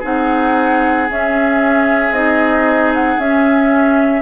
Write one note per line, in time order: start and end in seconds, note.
0.00 1.10 C4
0.00 1.08 D#4
0.00 4.21 G#4
0.00 1.11 F#5
1.10 2.14 C#4
1.10 2.12 C#4
1.10 2.14 E5
2.12 3.17 C4
2.12 3.20 D#4
2.12 2.93 D#5
2.94 3.20 F#5
3.19 4.22 C#4
3.19 4.22 E5